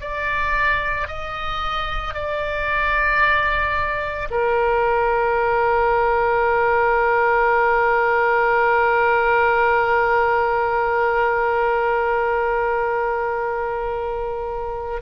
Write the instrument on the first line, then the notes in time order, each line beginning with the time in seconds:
oboe
0.00 D5
1.07 D#5
2.14 D5
4.30 A#4